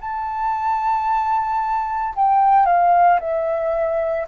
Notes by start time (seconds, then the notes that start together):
0.00 A5
2.15 G5
2.65 F5
3.19 E5